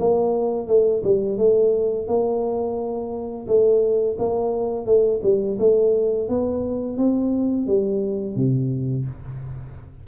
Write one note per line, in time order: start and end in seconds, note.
0.00 0.68 A#3
0.68 1.03 A3
1.04 1.38 G3
1.38 2.08 A3
2.08 3.47 A#3
3.48 4.17 A3
4.19 4.86 A#3
4.86 5.21 A3
5.23 5.58 G3
5.59 6.29 A3
6.29 6.98 B3
6.98 7.67 C4
7.67 8.36 G3
8.36 9.06 C3